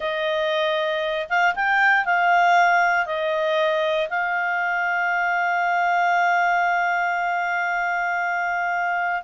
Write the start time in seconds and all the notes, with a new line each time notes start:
0.00 D#5
1.29 F5
1.55 G5
2.05 F5
3.06 D#5
4.09 F5